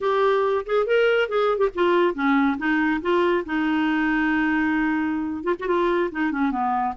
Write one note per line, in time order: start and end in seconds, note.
0.00 0.65 G4
0.65 0.86 G#4
0.86 1.28 A#4
1.28 1.57 G#4
1.57 1.68 G4
1.74 2.14 F4
2.14 2.57 C#4
2.58 3.00 D#4
3.01 3.44 F4
3.45 5.43 D#4
5.43 5.54 F4
5.59 5.67 F#4
5.67 6.10 F4
6.11 6.31 D#4
6.31 6.51 C#4
6.51 6.94 B3